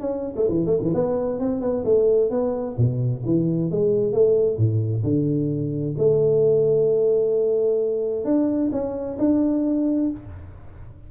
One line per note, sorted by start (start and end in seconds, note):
0.00 0.34 C#4
0.36 0.47 A3
0.48 0.66 E3
0.66 0.78 A3
0.82 0.93 E3
0.94 1.39 B3
1.39 1.61 C4
1.61 1.84 B3
1.84 2.30 A3
2.30 2.76 B3
2.77 3.23 B2
3.25 3.71 E3
3.71 4.12 G#3
4.12 4.57 A3
4.57 5.03 A2
5.03 5.95 D3
5.98 8.25 A3
8.25 8.70 D4
8.71 9.17 C#4
9.19 10.10 D4